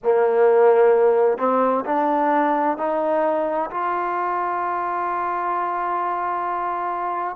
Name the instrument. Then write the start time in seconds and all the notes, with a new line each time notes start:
trombone
0.03 A#3
1.38 C4
1.85 D4
2.77 D#4
3.70 F4